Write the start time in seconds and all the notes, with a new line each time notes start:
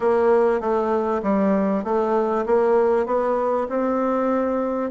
0.00 A#3
0.60 A3
1.22 G3
1.84 A3
2.46 A#3
3.06 B3
3.69 C4